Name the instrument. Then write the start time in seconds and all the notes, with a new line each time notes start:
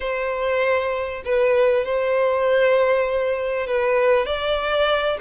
violin
0.00 C5
1.24 B4
1.85 C5
3.67 B4
4.26 D5